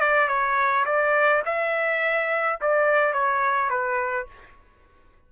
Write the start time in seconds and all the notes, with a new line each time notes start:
0.00 D5
0.28 C#5
0.85 D5
1.45 E5
2.61 D5
3.13 C#5
3.70 B4